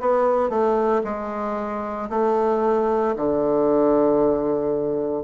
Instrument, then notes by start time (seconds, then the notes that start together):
bassoon
0.00 B3
0.49 A3
1.04 G#3
2.10 A3
3.16 D3